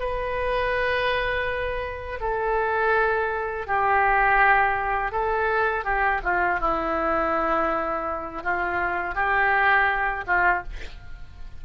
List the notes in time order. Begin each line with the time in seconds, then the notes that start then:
0.00 B4
2.21 A4
3.67 G4
5.12 A4
5.85 G4
6.24 F4
6.61 E4
8.43 F4
9.15 G4
10.27 F4